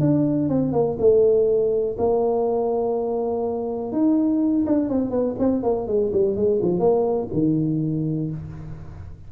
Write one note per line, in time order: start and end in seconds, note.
0.00 0.49 D4
0.49 0.72 C4
0.72 0.97 A#3
0.99 1.96 A3
1.98 3.92 A#3
3.92 4.65 D#4
4.66 4.89 D4
4.89 5.11 C4
5.11 5.35 B3
5.39 5.63 C4
5.63 5.87 A#3
5.87 6.12 G#3
6.13 6.36 G3
6.36 6.60 G#3
6.62 6.79 F3
6.79 7.28 A#3
7.33 8.30 D#3